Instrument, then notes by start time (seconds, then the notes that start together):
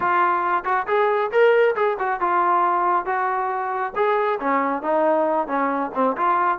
trombone
0.00 F4
0.64 F#4
0.87 G#4
1.31 A#4
1.75 G#4
1.99 F#4
2.20 F4
3.05 F#4
3.95 G#4
4.40 C#4
4.82 D#4
5.47 C#4
5.94 C4
6.16 F4